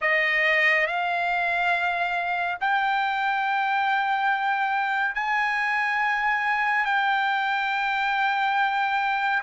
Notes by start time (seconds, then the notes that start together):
0.01 D#5
0.86 F5
2.60 G5
5.14 G#5
6.85 G5